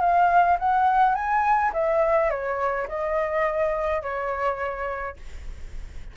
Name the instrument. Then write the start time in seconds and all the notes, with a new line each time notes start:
flute
0.00 F5
0.59 F#5
1.14 G#5
1.73 E5
2.30 C#5
2.88 D#5
4.02 C#5